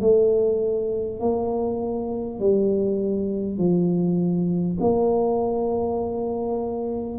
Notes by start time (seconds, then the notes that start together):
0.00 A3
1.19 A#3
2.39 G3
3.58 F3
4.81 A#3